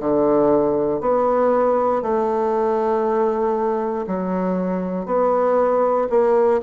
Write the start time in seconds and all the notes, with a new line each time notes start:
0.00 D3
1.01 B3
2.02 A3
4.07 F#3
5.06 B3
6.10 A#3